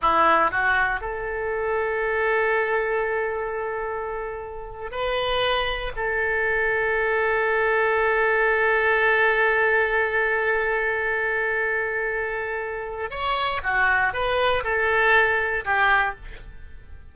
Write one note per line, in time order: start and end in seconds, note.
0.01 0.51 E4
0.51 1.00 F#4
1.00 4.91 A4
4.91 5.92 B4
5.95 13.10 A4
13.10 13.61 C#5
13.63 14.13 F#4
14.13 14.63 B4
14.63 15.64 A4
15.64 16.15 G4